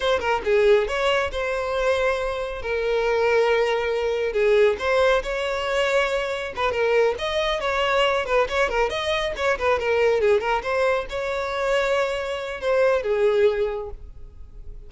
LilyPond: \new Staff \with { instrumentName = "violin" } { \time 4/4 \tempo 4 = 138 c''8 ais'8 gis'4 cis''4 c''4~ | c''2 ais'2~ | ais'2 gis'4 c''4 | cis''2. b'8 ais'8~ |
ais'8 dis''4 cis''4. b'8 cis''8 | ais'8 dis''4 cis''8 b'8 ais'4 gis'8 | ais'8 c''4 cis''2~ cis''8~ | cis''4 c''4 gis'2 | }